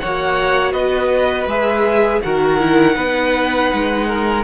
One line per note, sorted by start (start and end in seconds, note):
0.00 0.74 A#3
0.00 1.49 F#4
0.00 0.73 C#5
0.00 0.73 F#5
0.73 1.47 B3
0.73 2.21 B4
0.73 1.47 D#5
1.47 2.21 G#3
1.47 2.23 G#4
1.47 2.22 E5
2.22 2.97 D#3
2.22 2.60 F#4
2.22 2.96 A#4
2.22 4.44 F#5
2.60 2.94 E4
2.94 3.71 B3
2.94 4.42 D#4
2.94 4.07 B4
3.74 4.44 G#3
4.08 4.44 A#4